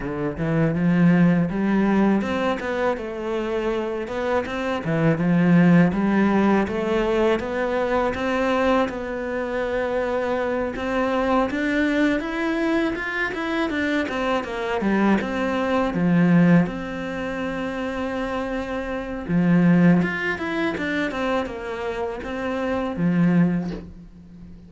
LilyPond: \new Staff \with { instrumentName = "cello" } { \time 4/4 \tempo 4 = 81 d8 e8 f4 g4 c'8 b8 | a4. b8 c'8 e8 f4 | g4 a4 b4 c'4 | b2~ b8 c'4 d'8~ |
d'8 e'4 f'8 e'8 d'8 c'8 ais8 | g8 c'4 f4 c'4.~ | c'2 f4 f'8 e'8 | d'8 c'8 ais4 c'4 f4 | }